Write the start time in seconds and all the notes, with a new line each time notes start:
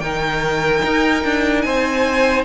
0.00 D#3 D#4 A#4 G5
0.86 D#4
1.24 D4
1.61 C4 C5 G#5